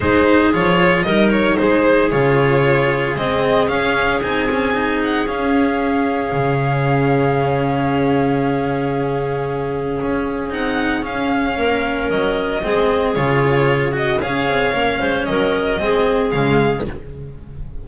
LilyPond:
<<
  \new Staff \with { instrumentName = "violin" } { \time 4/4 \tempo 4 = 114 c''4 cis''4 dis''8 cis''8 c''4 | cis''2 dis''4 f''4 | gis''4. fis''8 f''2~ | f''1~ |
f''1 | fis''4 f''2 dis''4~ | dis''4 cis''4. dis''8 f''4~ | f''4 dis''2 f''4 | }
  \new Staff \with { instrumentName = "clarinet" } { \time 4/4 gis'2 ais'4 gis'4~ | gis'1~ | gis'1~ | gis'1~ |
gis'1~ | gis'2 ais'2 | gis'2. cis''4~ | cis''8 c''8 ais'4 gis'2 | }
  \new Staff \with { instrumentName = "cello" } { \time 4/4 dis'4 f'4 dis'2 | f'2 c'4 cis'4 | dis'8 cis'8 dis'4 cis'2~ | cis'1~ |
cis'1 | dis'4 cis'2. | c'4 f'4. fis'8 gis'4 | cis'2 c'4 gis4 | }
  \new Staff \with { instrumentName = "double bass" } { \time 4/4 gis4 f4 g4 gis4 | cis2 gis4 cis'4 | c'2 cis'2 | cis1~ |
cis2. cis'4 | c'4 cis'4 ais4 fis4 | gis4 cis2 cis'8 c'8 | ais8 gis8 fis4 gis4 cis4 | }
>>